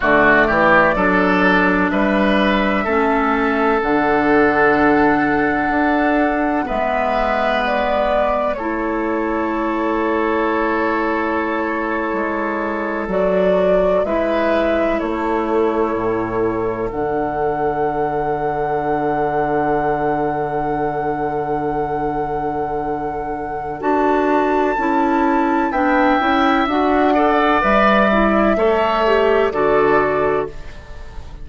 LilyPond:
<<
  \new Staff \with { instrumentName = "flute" } { \time 4/4 \tempo 4 = 63 d''2 e''2 | fis''2. e''4 | d''4 cis''2.~ | cis''4.~ cis''16 d''4 e''4 cis''16~ |
cis''4.~ cis''16 fis''2~ fis''16~ | fis''1~ | fis''4 a''2 g''4 | fis''4 e''2 d''4 | }
  \new Staff \with { instrumentName = "oboe" } { \time 4/4 fis'8 g'8 a'4 b'4 a'4~ | a'2. b'4~ | b'4 a'2.~ | a'2~ a'8. b'4 a'16~ |
a'1~ | a'1~ | a'2. e''4~ | e''8 d''4. cis''4 a'4 | }
  \new Staff \with { instrumentName = "clarinet" } { \time 4/4 a4 d'2 cis'4 | d'2. b4~ | b4 e'2.~ | e'4.~ e'16 fis'4 e'4~ e'16~ |
e'4.~ e'16 d'2~ d'16~ | d'1~ | d'4 fis'4 e'4 d'8 e'8 | fis'8 a'8 b'8 e'8 a'8 g'8 fis'4 | }
  \new Staff \with { instrumentName = "bassoon" } { \time 4/4 d8 e8 fis4 g4 a4 | d2 d'4 gis4~ | gis4 a2.~ | a8. gis4 fis4 gis4 a16~ |
a8. a,4 d2~ d16~ | d1~ | d4 d'4 cis'4 b8 cis'8 | d'4 g4 a4 d4 | }
>>